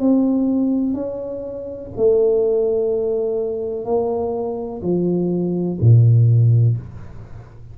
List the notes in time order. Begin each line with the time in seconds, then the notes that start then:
0.00 C4
0.94 C#4
1.97 A3
3.85 A#3
4.83 F3
5.81 A#2